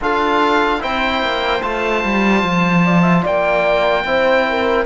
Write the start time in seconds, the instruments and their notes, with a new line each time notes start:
0.01 cello D4, trombone F4, horn A4, oboe F5
0.79 cello C4, trombone E4, horn C5, oboe G5
1.21 cello A#3
1.62 cello A3, trombone F4, oboe A5
2.04 cello G3
2.43 cello F3
2.84 horn D5
3.02 horn E5
3.23 cello A#3, horn D5, oboe G5
4.04 cello C4, trombone E4, horn C5
4.49 horn A#4